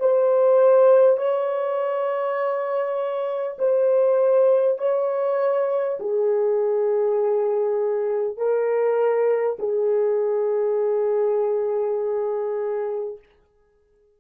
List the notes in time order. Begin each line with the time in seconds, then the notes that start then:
0.00 C5
1.17 C#5
3.58 C5
4.78 C#5
6.00 G#4
8.37 A#4
9.59 G#4